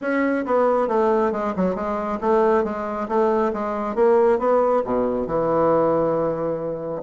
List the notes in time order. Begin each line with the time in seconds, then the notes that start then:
0.01 C#4
0.45 B3
0.88 A3
1.32 G#3
1.56 F#3
1.75 G#3
2.20 A3
2.64 G#3
3.08 A3
3.53 G#3
3.95 A#3
4.39 B3
4.84 B2
5.27 E3